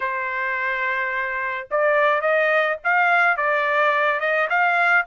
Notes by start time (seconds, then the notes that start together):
0.00 C5
1.70 D5
2.21 D#5
2.84 F5
3.36 D5
4.20 D#5
4.49 F5